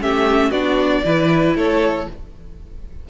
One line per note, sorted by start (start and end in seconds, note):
0.00 0.51 A3
0.00 0.52 C#4
0.00 0.50 G4
0.00 0.51 E5
0.50 1.02 B3
0.50 1.04 D4
0.50 1.02 F#4
0.50 1.54 D5
1.04 1.54 E3
1.04 2.08 E4
1.04 1.56 B4
1.54 2.06 A3
1.54 2.08 A4
1.54 2.09 C#5